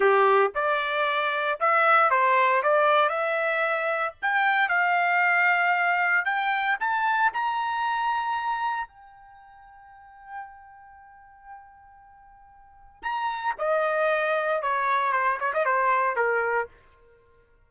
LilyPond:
\new Staff \with { instrumentName = "trumpet" } { \time 4/4 \tempo 4 = 115 g'4 d''2 e''4 | c''4 d''4 e''2 | g''4 f''2. | g''4 a''4 ais''2~ |
ais''4 g''2.~ | g''1~ | g''4 ais''4 dis''2 | cis''4 c''8 cis''16 dis''16 c''4 ais'4 | }